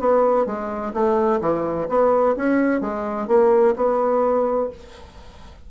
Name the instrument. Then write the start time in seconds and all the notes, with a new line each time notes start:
bassoon
0.00 B3
0.46 G#3
0.94 A3
1.41 E3
1.89 B3
2.37 C#4
2.81 G#3
3.28 A#3
3.76 B3